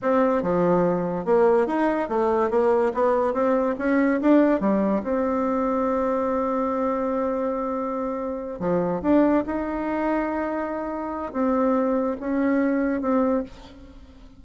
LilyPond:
\new Staff \with { instrumentName = "bassoon" } { \time 4/4 \tempo 4 = 143 c'4 f2 ais4 | dis'4 a4 ais4 b4 | c'4 cis'4 d'4 g4 | c'1~ |
c'1~ | c'8 f4 d'4 dis'4.~ | dis'2. c'4~ | c'4 cis'2 c'4 | }